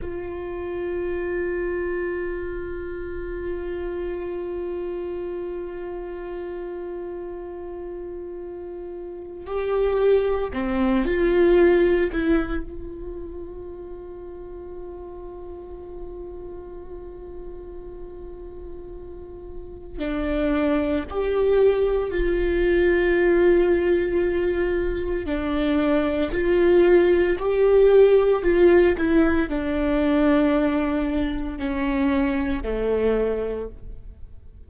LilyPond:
\new Staff \with { instrumentName = "viola" } { \time 4/4 \tempo 4 = 57 f'1~ | f'1~ | f'4 g'4 c'8 f'4 e'8 | f'1~ |
f'2. d'4 | g'4 f'2. | d'4 f'4 g'4 f'8 e'8 | d'2 cis'4 a4 | }